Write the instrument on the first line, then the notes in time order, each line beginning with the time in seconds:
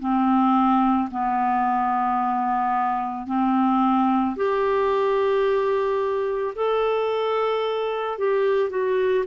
clarinet
0.00 C4
1.12 B3
3.27 C4
4.36 G4
6.56 A4
8.18 G4
8.70 F#4